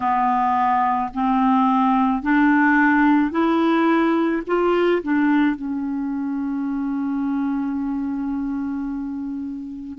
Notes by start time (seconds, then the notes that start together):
0.00 B3
1.14 C4
2.22 D4
3.31 E4
4.46 F4
5.03 D4
5.56 C#4